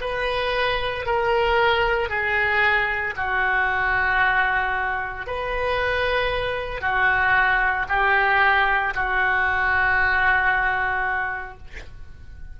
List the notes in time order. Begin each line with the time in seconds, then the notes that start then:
0.00 B4
1.05 A#4
2.09 G#4
3.16 F#4
5.26 B4
6.81 F#4
7.88 G4
8.94 F#4